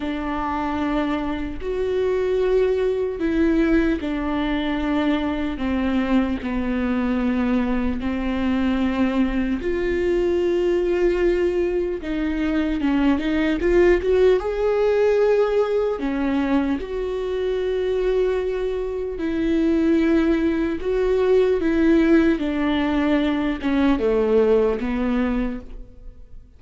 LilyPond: \new Staff \with { instrumentName = "viola" } { \time 4/4 \tempo 4 = 75 d'2 fis'2 | e'4 d'2 c'4 | b2 c'2 | f'2. dis'4 |
cis'8 dis'8 f'8 fis'8 gis'2 | cis'4 fis'2. | e'2 fis'4 e'4 | d'4. cis'8 a4 b4 | }